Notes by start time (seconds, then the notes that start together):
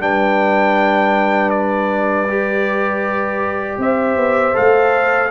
0.00 G3 D4 B4 G5
1.50 D5
2.29 G4
3.78 C4 C5 E5
4.16 B3
4.54 A3 A4 F5